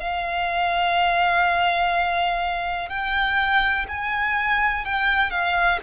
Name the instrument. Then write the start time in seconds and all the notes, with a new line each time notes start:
violin
0.00 F5
2.89 G5
3.88 G#5
4.86 G5
5.31 F5